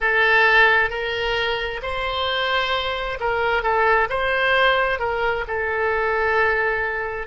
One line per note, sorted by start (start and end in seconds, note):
0.00 0.90 A4
0.90 1.81 A#4
1.82 3.18 C5
3.19 3.62 A#4
3.62 4.08 A4
4.09 4.99 C5
4.99 5.44 A#4
5.47 7.27 A4